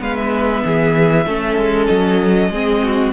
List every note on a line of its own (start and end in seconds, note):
0.00 0.64 G#3
0.00 1.25 B3
0.00 0.64 B4
0.00 0.16 F5
0.16 1.86 E5
0.65 1.27 E3
0.65 1.27 G#4
1.27 1.58 A3
1.27 2.52 C#4
1.27 2.51 A4
1.58 1.89 G#3
1.86 2.50 F#3
1.86 3.11 D#5
2.50 3.12 G#3
2.50 3.13 C4
2.50 2.82 G#4
2.83 3.13 F#4